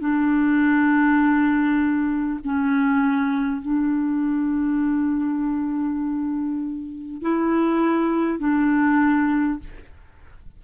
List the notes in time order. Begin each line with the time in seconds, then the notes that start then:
0.00 D4
2.44 C#4
3.62 D4
7.22 E4
8.39 D4